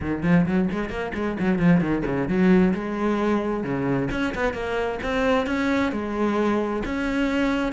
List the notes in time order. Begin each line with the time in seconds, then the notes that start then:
0.00 D#3
0.23 F3
0.46 F#3
0.71 G#3
0.89 A#3
1.14 G#3
1.39 F#3
1.58 F3
1.80 D#3
2.05 C#3
2.28 F#3
2.74 G#3
3.63 C#3
4.11 C#4
4.34 B3
4.53 A#3
5.02 C4
5.46 C#4
5.92 G#3
6.85 C#4